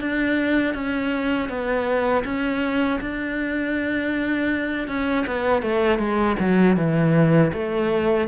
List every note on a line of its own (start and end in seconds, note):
0.00 0.74 D4
0.74 1.49 C#4
1.49 2.24 B3
2.24 2.99 C#4
3.00 4.88 D4
4.88 5.25 C#4
5.26 5.62 B3
5.62 5.98 A3
5.98 6.36 G#3
6.39 6.76 F#3
6.76 7.51 E3
7.53 8.27 A3